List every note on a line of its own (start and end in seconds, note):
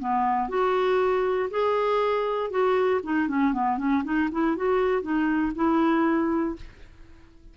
0.00 0.49 B3
0.49 1.50 F#4
1.51 2.51 G#4
2.51 3.01 F#4
3.04 3.29 D#4
3.29 3.54 C#4
3.54 3.78 B3
3.78 4.04 C#4
4.05 4.30 D#4
4.32 4.57 E4
4.57 5.03 F#4
5.03 5.53 D#4
5.56 6.56 E4